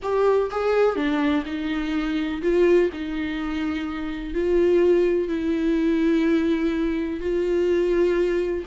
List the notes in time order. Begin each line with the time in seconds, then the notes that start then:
0.02 G4
0.50 G#4
0.95 D4
1.45 D#4
2.42 F4
2.92 D#4
4.34 F4
5.28 E4
7.20 F4